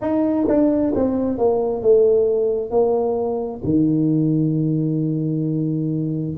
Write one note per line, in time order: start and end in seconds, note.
0.01 0.46 D#4
0.48 0.93 D4
0.95 1.38 C4
1.38 1.82 A#3
1.82 2.70 A3
2.70 3.61 A#3
3.64 6.36 D#3